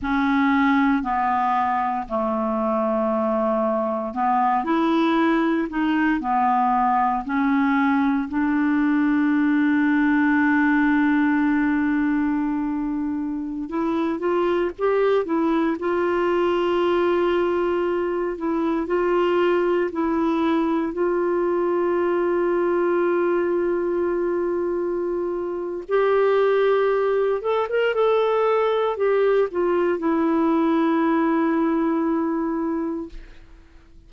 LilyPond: \new Staff \with { instrumentName = "clarinet" } { \time 4/4 \tempo 4 = 58 cis'4 b4 a2 | b8 e'4 dis'8 b4 cis'4 | d'1~ | d'4~ d'16 e'8 f'8 g'8 e'8 f'8.~ |
f'4.~ f'16 e'8 f'4 e'8.~ | e'16 f'2.~ f'8.~ | f'4 g'4. a'16 ais'16 a'4 | g'8 f'8 e'2. | }